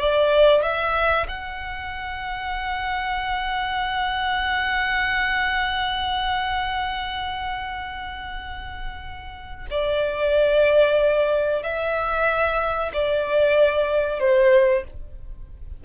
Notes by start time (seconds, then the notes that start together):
0.00 D5
0.62 E5
1.28 F#5
9.70 D5
11.63 E5
12.94 D5
14.20 C5